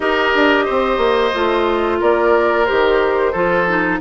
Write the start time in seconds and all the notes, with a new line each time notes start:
0.00 D#4 G4 A#4 D#5
0.34 D4
0.65 C4 C5
0.97 A#3
1.34 A3 F4
2.00 A#3 A#4 D5
2.65 D#3 G4 C5
3.32 F3 F4 A4
3.67 D#4